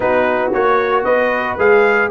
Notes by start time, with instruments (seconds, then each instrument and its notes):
0.00 tuba B3, trombone D#4, horn F#4, trumpet B4
0.53 tuba A#3, trombone F#4, trumpet C#5
1.04 tuba B3, horn B4, trumpet D#5
1.58 tuba G#3, trombone G#4, trumpet F5